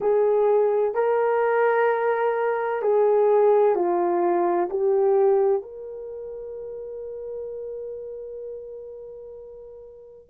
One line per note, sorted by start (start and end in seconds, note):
0.00 0.94 G#4
0.94 2.81 A#4
2.82 3.75 G#4
3.75 4.68 F4
4.70 5.62 G4
5.62 10.29 A#4